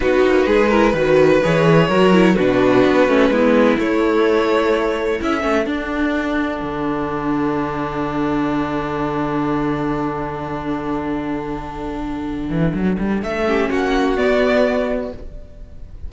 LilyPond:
<<
  \new Staff \with { instrumentName = "violin" } { \time 4/4 \tempo 4 = 127 b'2. cis''4~ | cis''4 b'2. | cis''2. e''4 | fis''1~ |
fis''1~ | fis''1~ | fis''1 | e''4 fis''4 d''2 | }
  \new Staff \with { instrumentName = "violin" } { \time 4/4 fis'4 gis'8 ais'8 b'2 | ais'4 fis'2 e'4~ | e'2. a'4~ | a'1~ |
a'1~ | a'1~ | a'1~ | a'8 g'8 fis'2. | }
  \new Staff \with { instrumentName = "viola" } { \time 4/4 dis'4. e'8 fis'4 gis'4 | fis'8 e'8 d'4. cis'8 b4 | a2. e'8 cis'8 | d'1~ |
d'1~ | d'1~ | d'1~ | d'8 cis'4. b2 | }
  \new Staff \with { instrumentName = "cello" } { \time 4/4 b8 ais8 gis4 dis4 e4 | fis4 b,4 b8 a8 gis4 | a2. cis'8 a8 | d'2 d2~ |
d1~ | d1~ | d2~ d8 e8 fis8 g8 | a4 ais4 b2 | }
>>